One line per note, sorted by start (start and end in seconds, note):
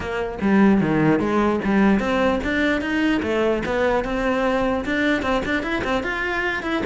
0.00 0.38 A#3
0.41 0.81 G3
0.81 1.19 D#3
1.19 1.60 G#3
1.64 1.99 G3
1.99 2.39 C4
2.43 2.81 D4
2.81 3.21 D#4
3.22 3.62 A3
3.65 4.04 B3
4.04 4.84 C4
4.85 5.22 D4
5.22 5.42 C4
5.45 5.62 D4
5.62 5.82 E4
5.84 6.03 C4
6.03 6.62 F4
6.62 6.83 E4